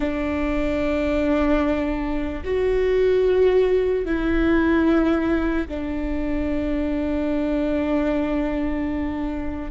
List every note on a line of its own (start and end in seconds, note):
0.00 2.43 D4
2.44 4.05 F#4
4.05 5.67 E4
5.68 9.71 D4